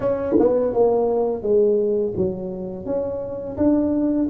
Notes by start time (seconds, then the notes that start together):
0.00 C#4
0.39 B3
0.73 A#3
1.42 G#3
2.16 F#3
2.85 C#4
3.57 D4